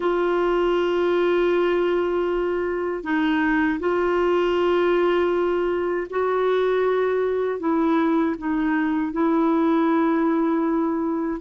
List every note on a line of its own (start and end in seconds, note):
0.00 3.03 F4
3.03 3.79 D#4
3.79 6.07 F4
6.10 7.59 F#4
7.59 8.35 E4
8.38 9.12 D#4
9.12 11.40 E4